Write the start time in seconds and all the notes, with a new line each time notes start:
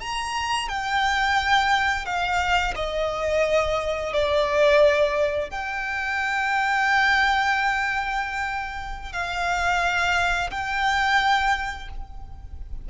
0.00 A#5
0.69 G5
2.06 F5
2.76 D#5
4.13 D5
5.50 G5
9.13 F5
10.50 G5